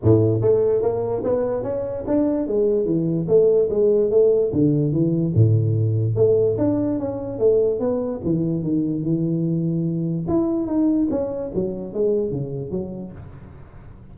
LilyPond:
\new Staff \with { instrumentName = "tuba" } { \time 4/4 \tempo 4 = 146 a,4 a4 ais4 b4 | cis'4 d'4 gis4 e4 | a4 gis4 a4 d4 | e4 a,2 a4 |
d'4 cis'4 a4 b4 | e4 dis4 e2~ | e4 e'4 dis'4 cis'4 | fis4 gis4 cis4 fis4 | }